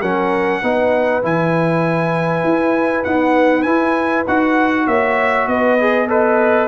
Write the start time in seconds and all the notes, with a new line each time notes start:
0.00 F#3 C#4 A#4 F#5
0.62 B3 D#4 B4
1.22 E3 E4 G#5
2.43 E4
3.03 B3 D#4 F#5
3.62 E4 G#5
4.27 D#4 F#4 F#5
4.87 A#3 C#5 E5
5.47 B3 B4 D#5
5.79 G#4
6.08 A4 B4 D#5